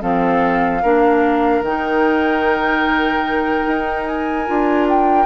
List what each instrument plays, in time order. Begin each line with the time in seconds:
0.00 bassoon F3, clarinet C4, oboe A4, flute F5
0.82 bassoon A#3, clarinet D4, oboe A#4
1.61 bassoon D#3, clarinet D#4, flute G5
3.67 bassoon D#4
4.05 flute G#5
4.46 bassoon D4, clarinet F4
4.88 flute G5